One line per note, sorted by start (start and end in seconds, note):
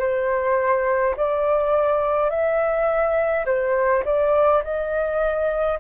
0.00 1.15 C5
1.17 2.30 D5
2.30 3.46 E5
3.46 4.04 C5
4.05 4.63 D5
4.64 5.80 D#5